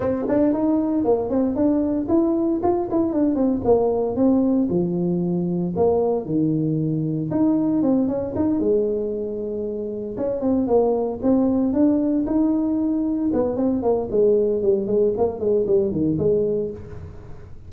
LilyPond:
\new Staff \with { instrumentName = "tuba" } { \time 4/4 \tempo 4 = 115 c'8 d'8 dis'4 ais8 c'8 d'4 | e'4 f'8 e'8 d'8 c'8 ais4 | c'4 f2 ais4 | dis2 dis'4 c'8 cis'8 |
dis'8 gis2. cis'8 | c'8 ais4 c'4 d'4 dis'8~ | dis'4. b8 c'8 ais8 gis4 | g8 gis8 ais8 gis8 g8 dis8 gis4 | }